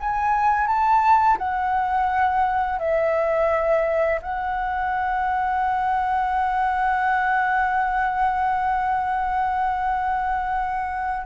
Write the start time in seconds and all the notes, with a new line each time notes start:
0.00 G#5
0.67 A5
1.38 F#5
2.79 E5
4.22 F#5